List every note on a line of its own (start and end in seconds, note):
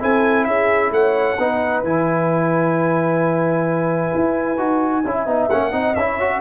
0.00 0.47 C4
0.00 1.37 E4
0.00 0.47 A4
0.00 0.45 G#5
0.45 0.91 C#4
0.45 0.93 G#4
0.45 0.91 E5
0.91 1.37 A3
0.91 1.38 C#5
0.91 1.83 F#5
1.38 1.83 B3
1.38 1.85 D#4
1.38 5.05 B4
1.83 4.12 E3
1.83 4.57 E4
1.83 5.49 G#5
4.15 4.58 E4
4.57 5.04 D#4
4.57 5.03 F#4
5.04 5.26 C#4
5.04 5.27 E4
5.04 5.74 E5
5.26 5.49 B3
5.26 5.50 D#4
5.49 5.72 A#3
5.49 5.71 C#4
5.49 5.95 F#5
5.71 5.95 C4
5.71 5.94 D#4
5.71 6.06 D#5
5.95 6.40 C#4
5.95 6.20 E4
5.95 6.40 E5
6.06 6.40 C#5
6.20 6.40 F#4